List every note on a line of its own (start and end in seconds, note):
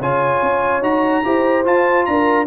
0.00 0.41 C#3
0.00 0.82 F4
0.00 1.24 C#5
0.00 0.83 G#5
0.43 0.82 C#4
0.82 1.23 D#4
0.82 1.24 F#4
0.82 1.65 A#5
1.24 1.66 E4
1.24 1.65 G4
1.24 2.08 C5
1.65 2.46 F4
1.65 2.07 F4
1.65 2.05 A5
2.05 2.46 D4
2.05 2.46 A#4
2.05 2.46 A#5